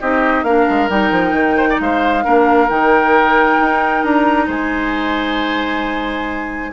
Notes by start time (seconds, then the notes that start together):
0.00 C4 D#4 G4 D#5
0.43 A#3 D4 A#4 F5
0.69 G#3
0.89 G3 D#4 G5
1.11 F3
1.32 D#3
1.57 C5
1.69 D5
1.80 G#3 C5 F5
2.24 A#3 D4 A#4
2.69 D#3 D#4 G5
3.61 D#4
4.03 D4 A#5
4.47 G#3 C5 G#5